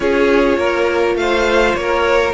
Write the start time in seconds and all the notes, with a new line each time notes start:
0.00 C#4 F4 G#4 C#5
0.57 A#3 A#4
1.15 A3 C5 F5
1.74 A#3 A#4 C#5